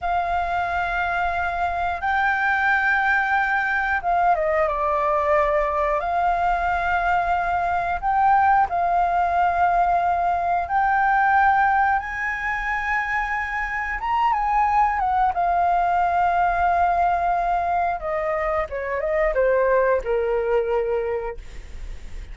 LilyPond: \new Staff \with { instrumentName = "flute" } { \time 4/4 \tempo 4 = 90 f''2. g''4~ | g''2 f''8 dis''8 d''4~ | d''4 f''2. | g''4 f''2. |
g''2 gis''2~ | gis''4 ais''8 gis''4 fis''8 f''4~ | f''2. dis''4 | cis''8 dis''8 c''4 ais'2 | }